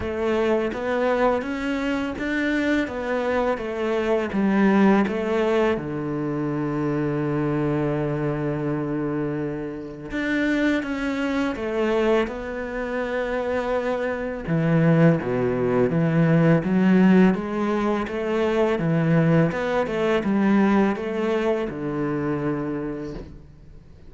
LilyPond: \new Staff \with { instrumentName = "cello" } { \time 4/4 \tempo 4 = 83 a4 b4 cis'4 d'4 | b4 a4 g4 a4 | d1~ | d2 d'4 cis'4 |
a4 b2. | e4 b,4 e4 fis4 | gis4 a4 e4 b8 a8 | g4 a4 d2 | }